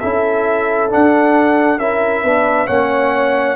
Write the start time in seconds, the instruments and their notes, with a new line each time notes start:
0.00 tuba C#4, trombone E4, horn A4, trumpet E5
0.89 trombone D4, tuba D4, trumpet F#5
1.79 tuba C#4, trombone E4, horn A#4, trumpet E5
2.23 tuba B3, trombone D4, horn B4
2.67 tuba A#3, trombone C#4, horn C#5, trumpet F#5